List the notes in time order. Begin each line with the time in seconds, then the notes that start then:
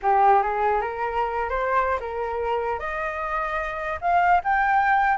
0.02 G4
0.42 G#4
0.81 A#4
1.49 C5
2.00 A#4
2.79 D#5
4.01 F5
4.44 G5